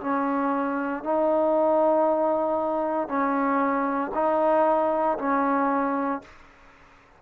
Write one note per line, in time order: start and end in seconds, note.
0.00 1.03 C#4
1.03 3.08 D#4
3.08 4.11 C#4
4.14 5.18 D#4
5.18 6.22 C#4